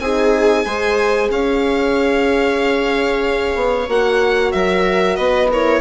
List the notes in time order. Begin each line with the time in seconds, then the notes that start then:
0.00 C4 D#4 G#4 G#5
0.66 G#3 G#4 C5
1.30 C#4 C#5 F5
3.55 B3
3.88 A#3 F#4 F#5
4.52 F#3 A#4 E5
5.16 B3 B4 D#5
5.51 E4 A#4 C#5